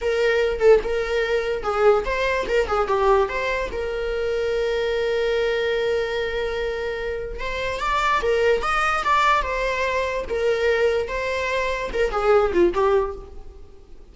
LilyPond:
\new Staff \with { instrumentName = "viola" } { \time 4/4 \tempo 4 = 146 ais'4. a'8 ais'2 | gis'4 c''4 ais'8 gis'8 g'4 | c''4 ais'2.~ | ais'1~ |
ais'2 c''4 d''4 | ais'4 dis''4 d''4 c''4~ | c''4 ais'2 c''4~ | c''4 ais'8 gis'4 f'8 g'4 | }